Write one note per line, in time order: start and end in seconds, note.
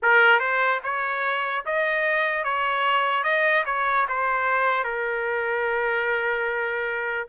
0.02 0.39 A#4
0.39 0.80 C5
0.83 1.64 C#5
1.65 2.44 D#5
2.44 3.23 C#5
3.23 3.64 D#5
3.65 4.06 C#5
4.08 4.84 C5
4.84 7.27 A#4